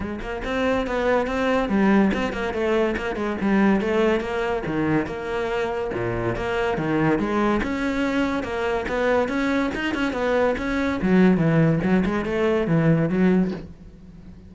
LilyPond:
\new Staff \with { instrumentName = "cello" } { \time 4/4 \tempo 4 = 142 gis8 ais8 c'4 b4 c'4 | g4 c'8 ais8 a4 ais8 gis8 | g4 a4 ais4 dis4 | ais2 ais,4 ais4 |
dis4 gis4 cis'2 | ais4 b4 cis'4 dis'8 cis'8 | b4 cis'4 fis4 e4 | fis8 gis8 a4 e4 fis4 | }